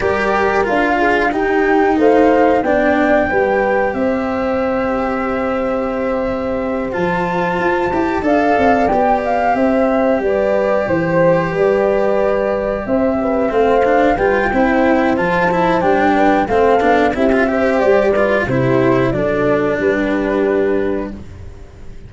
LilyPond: <<
  \new Staff \with { instrumentName = "flute" } { \time 4/4 \tempo 4 = 91 d''4 f''4 g''4 f''4 | g''2 e''2~ | e''2~ e''8 a''4.~ | a''8 f''4 g''8 f''8 e''4 d''8~ |
d''8 c''4 d''2 e''8~ | e''8 f''4 g''4. a''4 | g''4 f''4 e''4 d''4 | c''4 d''4 b'2 | }
  \new Staff \with { instrumentName = "horn" } { \time 4/4 ais'4. gis'8 g'4 c''4 | d''4 b'4 c''2~ | c''1~ | c''8 d''2 c''4 b'8~ |
b'8 c''4 b'2 c''8 | b'8 c''4 b'8 c''2~ | c''8 b'8 a'4 g'8 c''4 b'8 | g'4 a'4 g'2 | }
  \new Staff \with { instrumentName = "cello" } { \time 4/4 g'4 f'4 dis'2 | d'4 g'2.~ | g'2~ g'8 f'4. | g'8 a'4 g'2~ g'8~ |
g'1~ | g'8 c'8 d'8 f'8 e'4 f'8 e'8 | d'4 c'8 d'8 e'16 f'16 g'4 f'8 | e'4 d'2. | }
  \new Staff \with { instrumentName = "tuba" } { \time 4/4 g4 d'4 dis'4 a4 | b4 g4 c'2~ | c'2~ c'8 f4 f'8 | e'8 d'8 c'8 b4 c'4 g8~ |
g8 e4 g2 c'8~ | c'8 a4 g8 c'4 f4 | g4 a8 b8 c'4 g4 | c4 fis4 g2 | }
>>